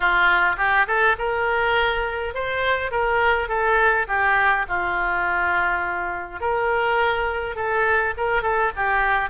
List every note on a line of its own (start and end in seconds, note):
0.00 0.56 F4
0.57 0.86 G4
0.87 1.16 A4
1.18 2.34 A#4
2.34 2.91 C5
2.91 3.48 A#4
3.48 4.06 A4
4.07 4.65 G4
4.68 6.40 F4
6.40 7.55 A#4
7.55 8.13 A4
8.17 8.42 A#4
8.42 8.71 A4
8.76 9.29 G4